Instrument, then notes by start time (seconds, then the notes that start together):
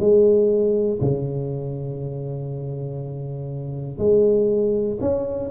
tuba
0.00 G#3
1.01 C#3
3.98 G#3
5.01 C#4